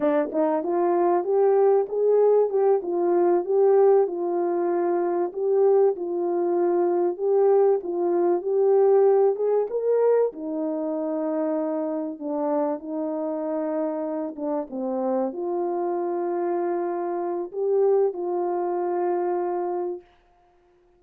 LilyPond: \new Staff \with { instrumentName = "horn" } { \time 4/4 \tempo 4 = 96 d'8 dis'8 f'4 g'4 gis'4 | g'8 f'4 g'4 f'4.~ | f'8 g'4 f'2 g'8~ | g'8 f'4 g'4. gis'8 ais'8~ |
ais'8 dis'2. d'8~ | d'8 dis'2~ dis'8 d'8 c'8~ | c'8 f'2.~ f'8 | g'4 f'2. | }